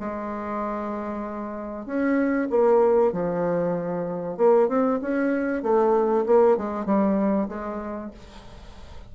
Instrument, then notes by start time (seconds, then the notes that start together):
bassoon
0.00 G#3
1.86 C#4
2.50 A#3
3.13 F3
4.38 A#3
4.69 C4
5.02 C#4
5.63 A3
6.26 A#3
6.57 G#3
6.86 G3
7.49 G#3